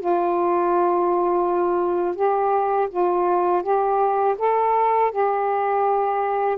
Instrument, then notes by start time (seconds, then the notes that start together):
saxophone
0.00 F4
2.16 G4
2.91 F4
3.63 G4
4.38 A4
5.11 G4